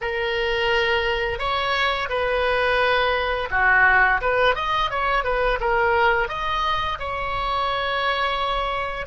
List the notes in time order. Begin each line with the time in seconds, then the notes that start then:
0.01 A#4
1.39 C#5
2.09 B4
3.51 F#4
4.21 B4
4.55 D#5
4.90 C#5
5.23 B4
5.60 A#4
6.28 D#5
6.99 C#5